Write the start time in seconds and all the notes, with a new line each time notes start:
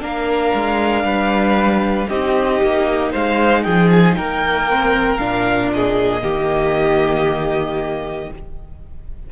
0.00 A#3 D4 A#4 F5
0.54 G#3
1.03 G3 B4
2.08 C4 D#4 G4 D#5
2.61 A#3
3.11 G#3 C5 F5
3.63 F3 G#4 G5
3.90 G#5
4.15 A#3 A#4 G5
4.69 C4
5.17 A#2 D4 F5
5.73 G#4 D#5
6.21 D#3 A#3 G4